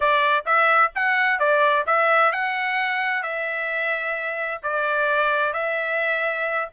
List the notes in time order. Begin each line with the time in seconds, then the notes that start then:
0.00 D5
0.45 E5
0.95 F#5
1.39 D5
1.86 E5
2.32 F#5
3.22 E5
4.63 D5
5.53 E5